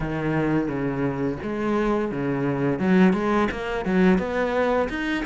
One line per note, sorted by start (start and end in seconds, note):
0.00 0.68 D#3
0.68 1.37 C#3
1.42 2.11 G#3
2.11 2.79 C#3
2.79 3.13 F#3
3.13 3.48 G#3
3.51 3.85 A#3
3.85 4.18 F#3
4.18 4.88 B3
4.89 5.24 D#4